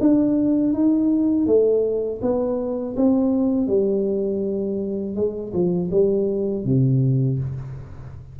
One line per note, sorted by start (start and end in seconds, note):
0.00 0.73 D4
0.73 1.46 D#4
1.46 2.21 A3
2.22 2.96 B3
2.96 3.67 C4
3.67 5.15 G3
5.15 5.53 G#3
5.53 5.90 F3
5.91 6.65 G3
6.65 7.39 C3